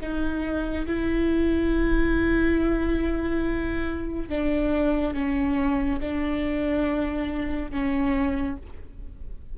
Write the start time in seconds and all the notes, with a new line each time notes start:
0.00 D#4
0.86 E4
4.29 D4
5.14 C#4
6.00 D4
7.71 C#4